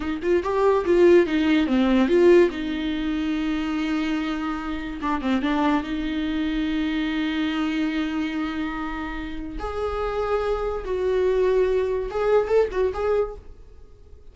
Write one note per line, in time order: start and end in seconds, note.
0.00 0.20 D#4
0.22 0.43 F4
0.43 0.84 G4
0.85 1.26 F4
1.26 1.66 D#4
1.66 2.08 C4
2.08 2.49 F4
2.50 5.00 D#4
5.01 5.21 D4
5.21 5.41 C4
5.41 5.83 D4
5.83 9.58 D#4
9.59 10.84 G#4
10.84 12.09 F#4
12.10 12.47 G#4
12.47 12.68 A4
12.71 12.92 F#4
12.93 13.35 G#4